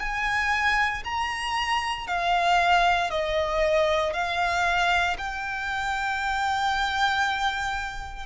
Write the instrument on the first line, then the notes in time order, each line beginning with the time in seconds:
violin
0.00 G#5
1.05 A#5
2.08 F5
3.11 D#5
4.14 F5
5.19 G5